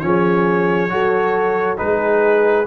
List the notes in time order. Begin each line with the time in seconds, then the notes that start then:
0.00 F3 C#4 G#4 C#5
0.90 F#3 F#4 A4
1.77 G#3 D#4 G#4 B4